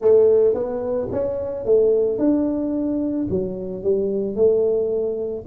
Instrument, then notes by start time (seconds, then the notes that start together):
tuba
0.00 A3
0.54 B3
1.11 C#4
1.65 A3
2.18 D4
3.30 F#3
3.83 G3
4.35 A3